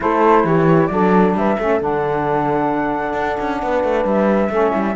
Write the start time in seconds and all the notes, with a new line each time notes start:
0.00 A3 E4 A4 C5
0.44 E3 G4 C#5
0.86 F#3 D4 A4 D5
1.34 G3 B4 E5
1.57 A3 C#4 A4
1.80 D3 D4 F#5
3.13 D4
3.40 C#4
3.62 B3 B4
3.83 A3
4.04 G3 E5
4.49 A3 C#4 A4
4.70 G3 E4